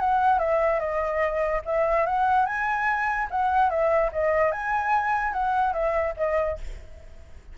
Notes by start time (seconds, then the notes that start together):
0.00 F#5
0.39 E5
0.80 D#5
1.65 E5
2.06 F#5
2.46 G#5
3.31 F#5
3.70 E5
4.13 D#5
4.52 G#5
5.33 F#5
5.73 E5
6.17 D#5